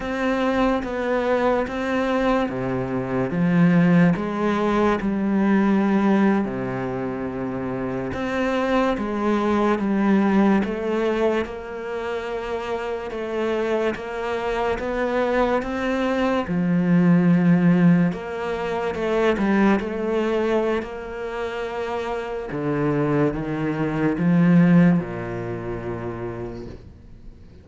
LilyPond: \new Staff \with { instrumentName = "cello" } { \time 4/4 \tempo 4 = 72 c'4 b4 c'4 c4 | f4 gis4 g4.~ g16 c16~ | c4.~ c16 c'4 gis4 g16~ | g8. a4 ais2 a16~ |
a8. ais4 b4 c'4 f16~ | f4.~ f16 ais4 a8 g8 a16~ | a4 ais2 d4 | dis4 f4 ais,2 | }